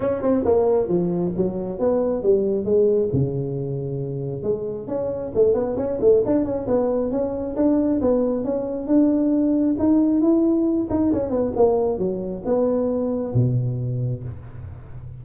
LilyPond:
\new Staff \with { instrumentName = "tuba" } { \time 4/4 \tempo 4 = 135 cis'8 c'8 ais4 f4 fis4 | b4 g4 gis4 cis4~ | cis2 gis4 cis'4 | a8 b8 cis'8 a8 d'8 cis'8 b4 |
cis'4 d'4 b4 cis'4 | d'2 dis'4 e'4~ | e'8 dis'8 cis'8 b8 ais4 fis4 | b2 b,2 | }